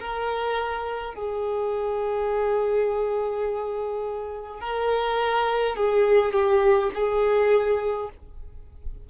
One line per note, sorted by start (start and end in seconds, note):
0.00 1.14 A#4
1.14 4.60 G#4
4.60 5.76 A#4
5.76 6.33 G#4
6.33 6.91 G4
6.94 8.10 G#4